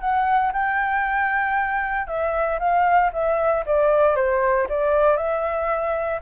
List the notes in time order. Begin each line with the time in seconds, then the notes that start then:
0.00 F#5
0.52 G5
2.07 E5
2.59 F5
3.12 E5
3.66 D5
4.15 C5
4.69 D5
5.17 E5